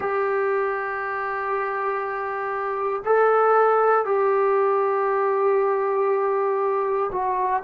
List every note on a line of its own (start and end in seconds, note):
0.00 3.02 G4
3.05 4.05 A4
4.05 7.10 G4
7.12 7.63 F#4